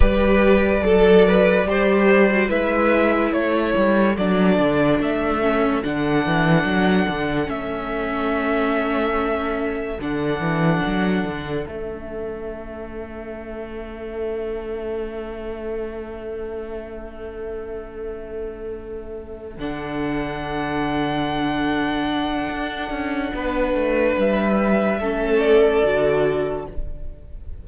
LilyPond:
<<
  \new Staff \with { instrumentName = "violin" } { \time 4/4 \tempo 4 = 72 d''2. e''4 | cis''4 d''4 e''4 fis''4~ | fis''4 e''2. | fis''2 e''2~ |
e''1~ | e''2.~ e''8 fis''8~ | fis''1~ | fis''4 e''4. d''4. | }
  \new Staff \with { instrumentName = "violin" } { \time 4/4 b'4 a'8 b'8 c''4 b'4 | a'1~ | a'1~ | a'1~ |
a'1~ | a'1~ | a'1 | b'2 a'2 | }
  \new Staff \with { instrumentName = "viola" } { \time 4/4 g'4 a'4 g'8. fis'16 e'4~ | e'4 d'4. cis'8 d'4~ | d'4 cis'2. | d'2 cis'2~ |
cis'1~ | cis'2.~ cis'8 d'8~ | d'1~ | d'2 cis'4 fis'4 | }
  \new Staff \with { instrumentName = "cello" } { \time 4/4 g4 fis4 g4 gis4 | a8 g8 fis8 d8 a4 d8 e8 | fis8 d8 a2. | d8 e8 fis8 d8 a2~ |
a1~ | a2.~ a8 d8~ | d2. d'8 cis'8 | b8 a8 g4 a4 d4 | }
>>